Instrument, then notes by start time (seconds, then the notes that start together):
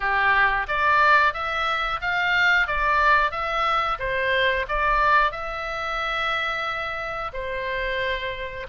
oboe
0.00 G4
0.68 D5
1.33 E5
2.01 F5
2.67 D5
3.31 E5
3.99 C5
4.68 D5
5.31 E5
7.33 C5